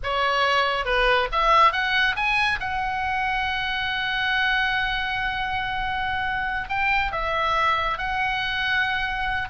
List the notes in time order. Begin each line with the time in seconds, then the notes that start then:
0.03 C#5
0.85 B4
1.32 E5
1.72 F#5
2.15 G#5
2.60 F#5
6.68 G5
7.12 E5
7.97 F#5